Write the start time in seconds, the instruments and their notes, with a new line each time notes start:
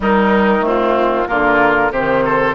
0.00 bassoon D#3, clarinet G3, oboe D#4, flute A#4
0.60 clarinet A3, oboe C4, flute F4
1.27 bassoon D3, clarinet A#3, oboe F4, flute A#4
1.91 bassoon C3, clarinet D#3, oboe G4, flute C5
2.24 oboe A4